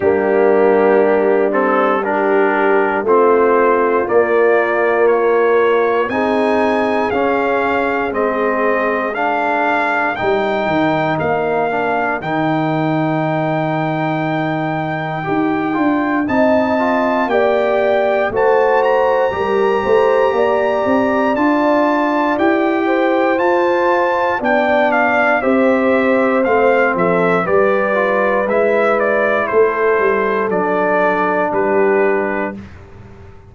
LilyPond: <<
  \new Staff \with { instrumentName = "trumpet" } { \time 4/4 \tempo 4 = 59 g'4. a'8 ais'4 c''4 | d''4 cis''4 gis''4 f''4 | dis''4 f''4 g''4 f''4 | g''1 |
a''4 g''4 a''8 ais''4.~ | ais''4 a''4 g''4 a''4 | g''8 f''8 e''4 f''8 e''8 d''4 | e''8 d''8 c''4 d''4 b'4 | }
  \new Staff \with { instrumentName = "horn" } { \time 4/4 d'2 g'4 f'4~ | f'2 gis'2~ | gis'4 ais'2.~ | ais'1 |
dis''4 d''4 c''4 ais'8 c''8 | d''2~ d''8 c''4. | d''4 c''4. a'8 b'4~ | b'4 a'2 g'4 | }
  \new Staff \with { instrumentName = "trombone" } { \time 4/4 ais4. c'8 d'4 c'4 | ais2 dis'4 cis'4 | c'4 d'4 dis'4. d'8 | dis'2. g'8 f'8 |
dis'8 f'8 g'4 fis'4 g'4~ | g'4 f'4 g'4 f'4 | d'4 g'4 c'4 g'8 f'8 | e'2 d'2 | }
  \new Staff \with { instrumentName = "tuba" } { \time 4/4 g2. a4 | ais2 c'4 cis'4 | gis2 g8 dis8 ais4 | dis2. dis'8 d'8 |
c'4 ais4 a4 g8 a8 | ais8 c'8 d'4 e'4 f'4 | b4 c'4 a8 f8 g4 | gis4 a8 g8 fis4 g4 | }
>>